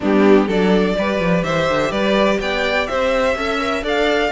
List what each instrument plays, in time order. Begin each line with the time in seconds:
0.00 cello G3, viola B3, violin D4 G4
0.46 cello F#3, viola D4, violin A4 D5
0.97 cello G3, viola G4, violin B4
1.19 cello F3
1.43 cello E3, violin C5 E5
1.69 cello D3
1.90 cello G3, violin B4 D5
2.40 cello B3, violin D5 G5
2.86 cello C4, violin C5 E5
3.35 cello C#4, viola A4, violin E5
3.59 viola A#4
3.82 cello D4, viola A4, violin D5 F5